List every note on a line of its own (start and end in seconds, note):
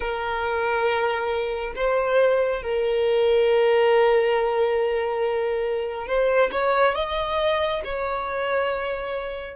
0.00 1.74 A#4
1.75 2.62 C5
2.62 6.07 A#4
6.07 6.50 C5
6.51 6.94 C#5
6.94 7.81 D#5
7.84 9.56 C#5